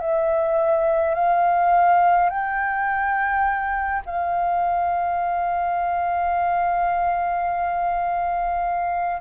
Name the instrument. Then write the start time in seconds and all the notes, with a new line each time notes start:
flute
0.00 E5
1.14 F5
2.29 G5
4.05 F5